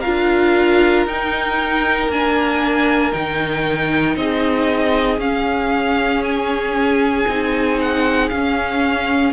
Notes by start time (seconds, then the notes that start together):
0.00 F4 A#4 F5
0.06 D4
1.06 D#4 G5
2.08 A#3 D4 G#5
3.12 D#3 D#4 G5
4.16 C4 G#4 D#5
5.19 C#4 F5
6.24 G#5
7.28 C4 D#4
7.81 F#5
8.29 C#4 F5